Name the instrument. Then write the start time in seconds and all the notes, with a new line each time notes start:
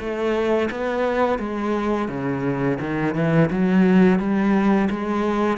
cello
0.00 A3
0.71 B3
1.39 G#3
2.09 C#3
2.80 D#3
3.15 E3
3.51 F#3
4.20 G3
4.91 G#3